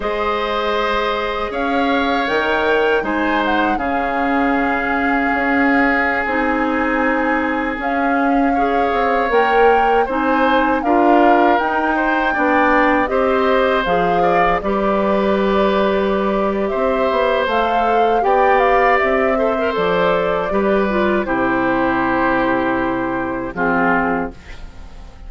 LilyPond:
<<
  \new Staff \with { instrumentName = "flute" } { \time 4/4 \tempo 4 = 79 dis''2 f''4 g''4 | gis''8 fis''8 f''2.~ | f''16 gis''2 f''4.~ f''16~ | f''16 g''4 gis''4 f''4 g''8.~ |
g''4~ g''16 dis''4 f''4 d''8.~ | d''2 e''4 f''4 | g''8 f''8 e''4 d''2 | c''2. gis'4 | }
  \new Staff \with { instrumentName = "oboe" } { \time 4/4 c''2 cis''2 | c''4 gis'2.~ | gis'2.~ gis'16 cis''8.~ | cis''4~ cis''16 c''4 ais'4. c''16~ |
c''16 d''4 c''4. d''8 b'8.~ | b'2 c''2 | d''4. c''4. b'4 | g'2. f'4 | }
  \new Staff \with { instrumentName = "clarinet" } { \time 4/4 gis'2. ais'4 | dis'4 cis'2.~ | cis'16 dis'2 cis'4 gis'8.~ | gis'16 ais'4 dis'4 f'4 dis'8.~ |
dis'16 d'4 g'4 gis'4 g'8.~ | g'2. a'4 | g'4. a'16 ais'16 a'4 g'8 f'8 | e'2. c'4 | }
  \new Staff \with { instrumentName = "bassoon" } { \time 4/4 gis2 cis'4 dis4 | gis4 cis2 cis'4~ | cis'16 c'2 cis'4. c'16~ | c'16 ais4 c'4 d'4 dis'8.~ |
dis'16 b4 c'4 f4 g8.~ | g2 c'8 b8 a4 | b4 c'4 f4 g4 | c2. f4 | }
>>